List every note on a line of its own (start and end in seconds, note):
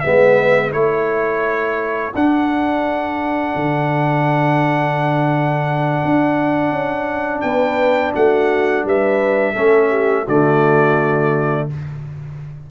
0.00 0.72 G#3
0.00 0.71 B3
0.00 0.73 B4
0.00 0.71 E5
0.71 2.13 A3
0.71 2.12 E4
0.71 7.43 A4
0.71 2.13 C#5
2.15 3.55 D4
2.15 9.55 D4
2.15 7.41 F#5
3.55 6.02 D3
6.05 6.71 D4
6.71 7.42 C#4
7.41 8.14 B3
7.41 8.14 B4
7.41 8.12 G5
8.14 8.84 A3
8.14 8.85 F#4
8.14 8.86 F#5
8.84 9.55 G3
8.84 9.53 B4
8.84 10.28 E5
9.53 10.27 A3
9.53 10.25 C#4
9.53 9.88 A4
9.89 10.24 G4
10.24 11.69 D3
10.24 11.70 A3
10.24 11.65 F#4
10.24 11.69 D5